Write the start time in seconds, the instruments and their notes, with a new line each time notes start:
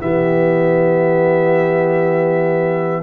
0.00 tuba E3, trombone B3, horn G4, trumpet E5